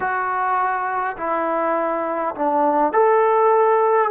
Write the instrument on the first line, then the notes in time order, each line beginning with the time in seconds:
trombone
0.00 F#4
1.17 E4
2.35 D4
2.93 A4